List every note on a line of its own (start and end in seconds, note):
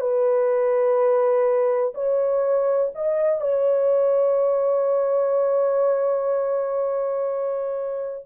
0.00 1.94 B4
1.94 2.91 C#5
2.95 3.41 D#5
3.41 8.25 C#5